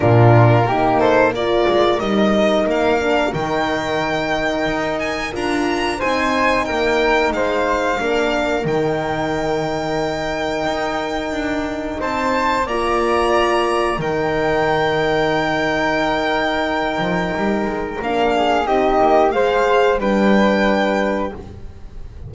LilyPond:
<<
  \new Staff \with { instrumentName = "violin" } { \time 4/4 \tempo 4 = 90 ais'4. c''8 d''4 dis''4 | f''4 g''2~ g''8 gis''8 | ais''4 gis''4 g''4 f''4~ | f''4 g''2.~ |
g''2 a''4 ais''4~ | ais''4 g''2.~ | g''2. f''4 | dis''4 f''4 g''2 | }
  \new Staff \with { instrumentName = "flute" } { \time 4/4 f'4 g'8 a'8 ais'2~ | ais'1~ | ais'4 c''4 ais'4 c''4 | ais'1~ |
ais'2 c''4 d''4~ | d''4 ais'2.~ | ais'2.~ ais'8 gis'8 | g'4 c''4 b'2 | }
  \new Staff \with { instrumentName = "horn" } { \time 4/4 d'4 dis'4 f'4 dis'4~ | dis'8 d'8 dis'2. | f'4 dis'2. | d'4 dis'2.~ |
dis'2. f'4~ | f'4 dis'2.~ | dis'2. d'4 | dis'4 gis'4 d'2 | }
  \new Staff \with { instrumentName = "double bass" } { \time 4/4 ais,4 ais4. gis8 g4 | ais4 dis2 dis'4 | d'4 c'4 ais4 gis4 | ais4 dis2. |
dis'4 d'4 c'4 ais4~ | ais4 dis2.~ | dis4. f8 g8 gis8 ais4 | c'8 ais8 gis4 g2 | }
>>